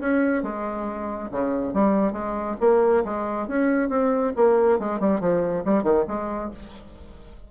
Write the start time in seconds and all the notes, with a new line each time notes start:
0.00 C#4
0.43 G#3
1.31 C#3
1.74 G3
2.13 G#3
2.60 A#3
3.04 G#3
3.48 C#4
3.90 C4
4.36 A#3
4.79 G#3
5.00 G3
5.21 F3
5.65 G3
5.83 D#3
6.08 G#3